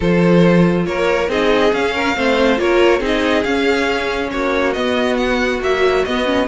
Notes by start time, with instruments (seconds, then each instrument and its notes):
0.00 cello F3, viola F4, violin A4 C5
0.86 cello A#3, violin A#4 C#5
1.28 cello C4, viola D#4, violin G#4 D#5
1.73 cello C#4, viola C#4, violin F5
1.94 violin A#4
2.15 cello A3, viola C4, violin C5
2.56 cello A#3, viola F4, violin A#4 C#5
2.99 cello C4, viola D#4, violin G#4
3.06 violin D#5
3.43 cello C#4, viola C#4, violin F5
4.31 cello A#3, violin F#4 C#5
4.73 viola B3, cello B3, violin D#5
5.17 violin F#5
5.61 viola F#3, cello A#3, violin E5
6.04 cello B3, viola B3, violin D#5
6.25 viola C#4